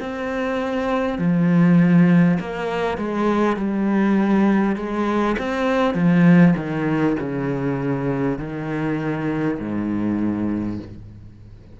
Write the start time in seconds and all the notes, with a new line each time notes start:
0.00 C4
1.18 F3
2.40 A#3
2.97 G#3
3.56 G3
4.76 G#3
5.38 C4
5.95 F3
6.56 D#3
7.19 C#3
8.38 D#3
9.59 G#2